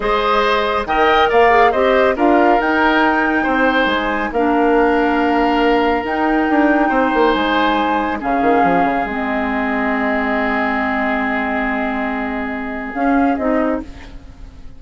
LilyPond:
<<
  \new Staff \with { instrumentName = "flute" } { \time 4/4 \tempo 4 = 139 dis''2 g''4 f''4 | dis''4 f''4 g''2~ | g''4 gis''4 f''2~ | f''2 g''2~ |
g''4 gis''2 f''4~ | f''4 dis''2.~ | dis''1~ | dis''2 f''4 dis''4 | }
  \new Staff \with { instrumentName = "oboe" } { \time 4/4 c''2 dis''4 d''4 | c''4 ais'2. | c''2 ais'2~ | ais'1 |
c''2. gis'4~ | gis'1~ | gis'1~ | gis'1 | }
  \new Staff \with { instrumentName = "clarinet" } { \time 4/4 gis'2 ais'4. gis'8 | g'4 f'4 dis'2~ | dis'2 d'2~ | d'2 dis'2~ |
dis'2. cis'4~ | cis'4 c'2.~ | c'1~ | c'2 cis'4 dis'4 | }
  \new Staff \with { instrumentName = "bassoon" } { \time 4/4 gis2 dis4 ais4 | c'4 d'4 dis'2 | c'4 gis4 ais2~ | ais2 dis'4 d'4 |
c'8 ais8 gis2 cis8 dis8 | f8 cis8 gis2.~ | gis1~ | gis2 cis'4 c'4 | }
>>